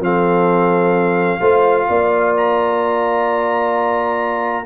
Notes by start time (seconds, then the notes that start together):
0.00 F3 C4 A4 F5
1.40 A3 F4 C5
1.89 A#3 D5
2.37 A#5